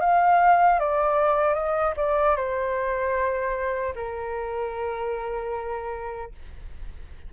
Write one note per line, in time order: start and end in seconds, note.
0.00 0.79 F5
0.79 1.54 D5
1.54 1.93 D#5
1.97 2.36 D5
2.36 3.94 C5
3.95 6.32 A#4